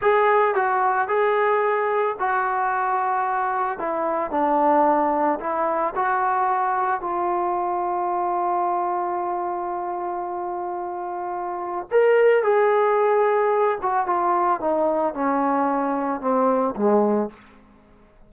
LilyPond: \new Staff \with { instrumentName = "trombone" } { \time 4/4 \tempo 4 = 111 gis'4 fis'4 gis'2 | fis'2. e'4 | d'2 e'4 fis'4~ | fis'4 f'2.~ |
f'1~ | f'2 ais'4 gis'4~ | gis'4. fis'8 f'4 dis'4 | cis'2 c'4 gis4 | }